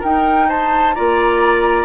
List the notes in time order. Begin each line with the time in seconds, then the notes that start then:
0.00 D#4 A#4 G5
0.49 C5 A5
0.95 A#3 F4 D5 A#5